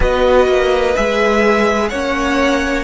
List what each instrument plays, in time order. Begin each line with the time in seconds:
0.00 cello B3, viola F#4, violin B4 D#5
0.48 cello A#3
0.95 cello G#3, viola G#4, violin E5
1.88 cello A#3, viola C#4, violin C#5 F#5